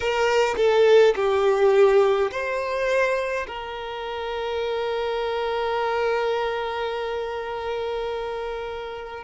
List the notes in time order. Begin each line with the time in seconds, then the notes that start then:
0.00 A#4
0.57 A4
1.15 G4
2.31 C5
3.47 A#4